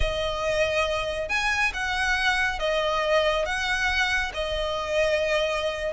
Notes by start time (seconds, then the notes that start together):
0.00 D#5
1.28 G#5
1.73 F#5
2.59 D#5
3.45 F#5
4.34 D#5